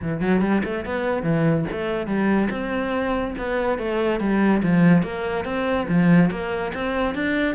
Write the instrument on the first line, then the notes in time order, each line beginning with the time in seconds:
cello
0.02 E3
0.20 F#3
0.41 G3
0.64 A3
0.85 B3
1.22 E3
1.71 A3
2.07 G3
2.50 C4
3.38 B3
3.78 A3
4.20 G3
4.62 F3
5.02 A#3
5.44 C4
5.88 F3
6.30 A#3
6.73 C4
7.15 D4